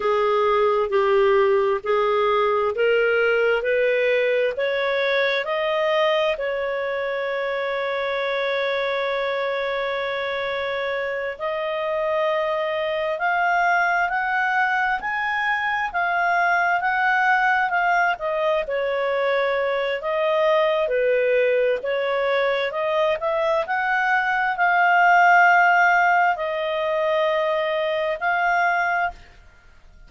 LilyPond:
\new Staff \with { instrumentName = "clarinet" } { \time 4/4 \tempo 4 = 66 gis'4 g'4 gis'4 ais'4 | b'4 cis''4 dis''4 cis''4~ | cis''1~ | cis''8 dis''2 f''4 fis''8~ |
fis''8 gis''4 f''4 fis''4 f''8 | dis''8 cis''4. dis''4 b'4 | cis''4 dis''8 e''8 fis''4 f''4~ | f''4 dis''2 f''4 | }